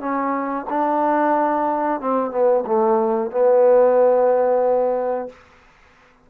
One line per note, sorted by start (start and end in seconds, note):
0.00 0.66 C#4
0.70 2.01 D4
2.01 2.31 C4
2.31 2.64 B3
2.66 3.31 A3
3.31 5.29 B3